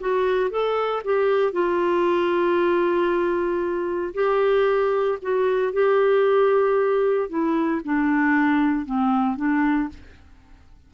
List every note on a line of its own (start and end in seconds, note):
0.00 0.51 F#4
0.51 1.03 A4
1.05 1.53 G4
1.53 4.14 F4
4.14 5.18 G4
5.22 5.73 F#4
5.73 7.29 G4
7.29 7.81 E4
7.85 8.86 D4
8.86 9.37 C4
9.37 9.89 D4